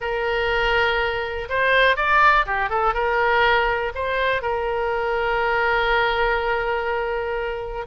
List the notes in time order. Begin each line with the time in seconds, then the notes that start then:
0.00 A#4
1.49 C5
1.96 D5
2.46 G4
2.69 A4
2.94 A#4
3.95 C5
4.42 A#4